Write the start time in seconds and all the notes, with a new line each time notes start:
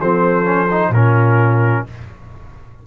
0.00 F3 C4 A4 C5
0.44 C#4
0.70 D#4
0.89 A#2 C#4 F4 A#4